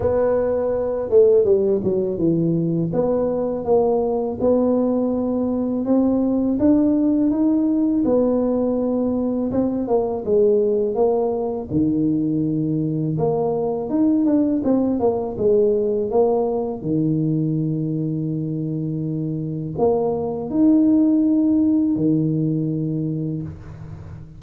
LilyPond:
\new Staff \with { instrumentName = "tuba" } { \time 4/4 \tempo 4 = 82 b4. a8 g8 fis8 e4 | b4 ais4 b2 | c'4 d'4 dis'4 b4~ | b4 c'8 ais8 gis4 ais4 |
dis2 ais4 dis'8 d'8 | c'8 ais8 gis4 ais4 dis4~ | dis2. ais4 | dis'2 dis2 | }